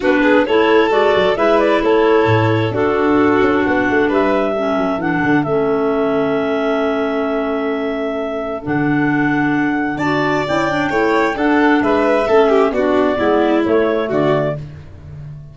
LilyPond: <<
  \new Staff \with { instrumentName = "clarinet" } { \time 4/4 \tempo 4 = 132 b'4 cis''4 d''4 e''8 d''8 | cis''2 a'2 | fis''4 e''2 fis''4 | e''1~ |
e''2. fis''4~ | fis''2 a''4 g''4~ | g''4 fis''4 e''2 | d''2 cis''4 d''4 | }
  \new Staff \with { instrumentName = "violin" } { \time 4/4 fis'8 gis'8 a'2 b'4 | a'2 fis'2~ | fis'4 b'4 a'2~ | a'1~ |
a'1~ | a'2 d''2 | cis''4 a'4 b'4 a'8 g'8 | fis'4 e'2 fis'4 | }
  \new Staff \with { instrumentName = "clarinet" } { \time 4/4 d'4 e'4 fis'4 e'4~ | e'2 d'2~ | d'2 cis'4 d'4 | cis'1~ |
cis'2. d'4~ | d'2 fis'4 e'8 d'8 | e'4 d'2 cis'4 | d'4 b4 a2 | }
  \new Staff \with { instrumentName = "tuba" } { \time 4/4 b4 a4 gis8 fis8 gis4 | a4 a,4 d'4. cis'8 | b8 a8 g4. fis8 e8 d8 | a1~ |
a2. d4~ | d2 d'4 cis'4 | a4 d'4 gis4 a4 | b4 gis4 a4 d4 | }
>>